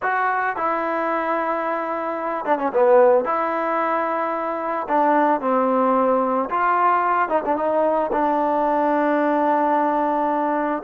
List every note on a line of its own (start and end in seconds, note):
0.02 0.56 F#4
0.56 2.45 E4
2.45 2.58 D4
2.58 2.71 C#4
2.73 3.25 B3
3.25 4.87 E4
4.88 5.41 D4
5.41 6.49 C4
6.49 7.28 F4
7.28 7.42 D#4
7.45 7.56 D4
7.56 8.10 D#4
8.12 10.82 D4